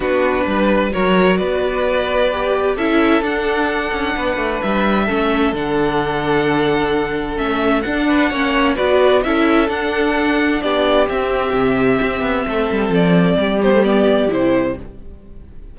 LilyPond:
<<
  \new Staff \with { instrumentName = "violin" } { \time 4/4 \tempo 4 = 130 b'2 cis''4 d''4~ | d''2 e''4 fis''4~ | fis''2 e''2 | fis''1 |
e''4 fis''2 d''4 | e''4 fis''2 d''4 | e''1 | d''4. c''8 d''4 c''4 | }
  \new Staff \with { instrumentName = "violin" } { \time 4/4 fis'4 b'4 ais'4 b'4~ | b'2 a'2~ | a'4 b'2 a'4~ | a'1~ |
a'4. b'8 cis''4 b'4 | a'2. g'4~ | g'2. a'4~ | a'4 g'2. | }
  \new Staff \with { instrumentName = "viola" } { \time 4/4 d'2 fis'2~ | fis'4 g'4 e'4 d'4~ | d'2. cis'4 | d'1 |
cis'4 d'4 cis'4 fis'4 | e'4 d'2. | c'1~ | c'4. b16 a16 b4 e'4 | }
  \new Staff \with { instrumentName = "cello" } { \time 4/4 b4 g4 fis4 b4~ | b2 cis'4 d'4~ | d'8 cis'8 b8 a8 g4 a4 | d1 |
a4 d'4 ais4 b4 | cis'4 d'2 b4 | c'4 c4 c'8 b8 a8 g8 | f4 g2 c4 | }
>>